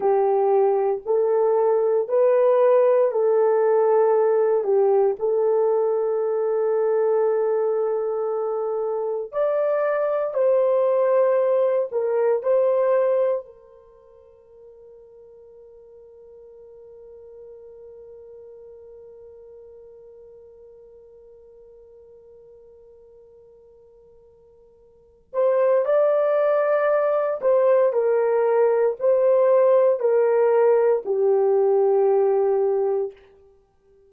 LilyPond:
\new Staff \with { instrumentName = "horn" } { \time 4/4 \tempo 4 = 58 g'4 a'4 b'4 a'4~ | a'8 g'8 a'2.~ | a'4 d''4 c''4. ais'8 | c''4 ais'2.~ |
ais'1~ | ais'1~ | ais'8 c''8 d''4. c''8 ais'4 | c''4 ais'4 g'2 | }